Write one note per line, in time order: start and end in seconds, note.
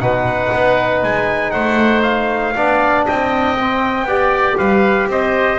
0.00 0.51 B2
0.00 2.54 D#4
0.00 1.52 B4
0.00 1.02 F#5
0.52 1.03 B3
1.03 1.54 G#3
1.03 1.51 G#5
1.51 2.55 A3
1.51 2.54 C5
1.51 2.02 F#5
2.03 3.04 F5
2.56 3.07 B3
2.56 3.57 D4
2.56 3.06 D5
3.06 4.03 C4
3.06 4.07 D#5
3.06 4.58 G5
3.60 4.08 C4
4.03 4.54 B3
4.03 5.59 G4
4.03 4.58 D5
4.58 5.07 G3
4.58 5.09 B4
4.58 5.08 F5
5.07 5.58 C4
5.07 5.59 C5
5.07 5.59 D#5